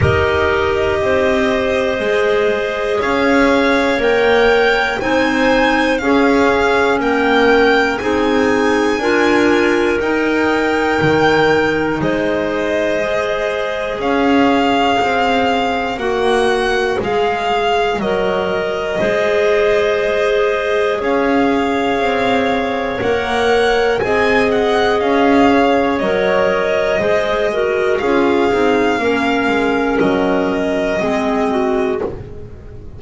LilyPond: <<
  \new Staff \with { instrumentName = "violin" } { \time 4/4 \tempo 4 = 60 dis''2. f''4 | g''4 gis''4 f''4 g''4 | gis''2 g''2 | dis''2 f''2 |
fis''4 f''4 dis''2~ | dis''4 f''2 fis''4 | gis''8 fis''8 f''4 dis''2 | f''2 dis''2 | }
  \new Staff \with { instrumentName = "clarinet" } { \time 4/4 ais'4 c''2 cis''4~ | cis''4 c''4 gis'4 ais'4 | gis'4 ais'2. | c''2 cis''2~ |
cis''2. c''4~ | c''4 cis''2. | dis''4. cis''4. c''8 ais'8 | gis'4 ais'2 gis'8 fis'8 | }
  \new Staff \with { instrumentName = "clarinet" } { \time 4/4 g'2 gis'2 | ais'4 dis'4 cis'2 | dis'4 f'4 dis'2~ | dis'4 gis'2. |
fis'4 gis'4 ais'4 gis'4~ | gis'2. ais'4 | gis'2 ais'4 gis'8 fis'8 | f'8 dis'8 cis'2 c'4 | }
  \new Staff \with { instrumentName = "double bass" } { \time 4/4 dis'4 c'4 gis4 cis'4 | ais4 c'4 cis'4 ais4 | c'4 d'4 dis'4 dis4 | gis2 cis'4 c'4 |
ais4 gis4 fis4 gis4~ | gis4 cis'4 c'4 ais4 | c'4 cis'4 fis4 gis4 | cis'8 c'8 ais8 gis8 fis4 gis4 | }
>>